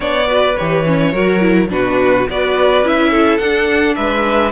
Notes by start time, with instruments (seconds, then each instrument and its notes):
0.00 cello B3, viola D4, violin C#5 D5
0.26 viola F#4, violin B4
0.56 cello E3, viola G4, violin C#5
0.86 viola C#4
1.11 cello F#3, viola F#4, violin A#4
1.40 viola E4
1.69 cello B2, viola D4, violin F#4 B4
2.29 cello B3, viola F#4, violin B4 D5
2.82 cello C#4, viola E4, violin E5
3.10 violin A4
3.38 cello D4, viola D4, violin F#5
3.95 cello G#3, violin B4 E5